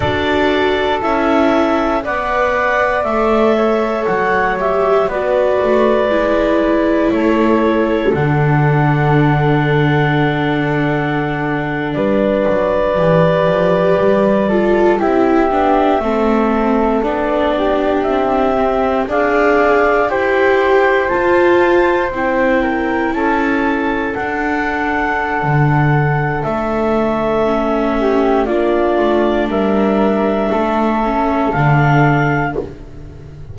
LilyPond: <<
  \new Staff \with { instrumentName = "clarinet" } { \time 4/4 \tempo 4 = 59 d''4 e''4 fis''4 e''4 | fis''8 e''8 d''2 cis''4 | fis''2.~ fis''8. d''16~ | d''2~ d''8. e''4~ e''16~ |
e''8. d''4 e''4 f''4 g''16~ | g''8. a''4 g''4 a''4 fis''16~ | fis''2 e''2 | d''4 e''2 f''4 | }
  \new Staff \with { instrumentName = "flute" } { \time 4/4 a'2 d''4. cis''8~ | cis''4 b'2 a'4~ | a'2.~ a'8. b'16~ | b'2~ b'16 a'8 g'4 a'16~ |
a'4~ a'16 g'4. d''4 c''16~ | c''2~ c''16 ais'8 a'4~ a'16~ | a'2.~ a'8 g'8 | f'4 ais'4 a'2 | }
  \new Staff \with { instrumentName = "viola" } { \time 4/4 fis'4 e'4 b'4 a'4~ | a'8 g'8 fis'4 e'2 | d'1~ | d'8. g'4. f'8 e'8 d'8 c'16~ |
c'8. d'4. c'8 gis'4 g'16~ | g'8. f'4 e'2 d'16~ | d'2. cis'4 | d'2~ d'8 cis'8 d'4 | }
  \new Staff \with { instrumentName = "double bass" } { \time 4/4 d'4 cis'4 b4 a4 | fis4 b8 a8 gis4 a4 | d2.~ d8. g16~ | g16 fis8 e8 f8 g4 c'8 b8 a16~ |
a8. b4 c'4 d'4 e'16~ | e'8. f'4 c'4 cis'4 d'16~ | d'4 d4 a2 | ais8 a8 g4 a4 d4 | }
>>